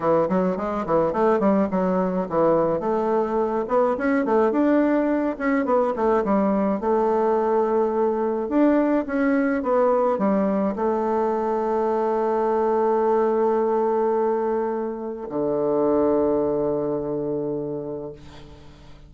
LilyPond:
\new Staff \with { instrumentName = "bassoon" } { \time 4/4 \tempo 4 = 106 e8 fis8 gis8 e8 a8 g8 fis4 | e4 a4. b8 cis'8 a8 | d'4. cis'8 b8 a8 g4 | a2. d'4 |
cis'4 b4 g4 a4~ | a1~ | a2. d4~ | d1 | }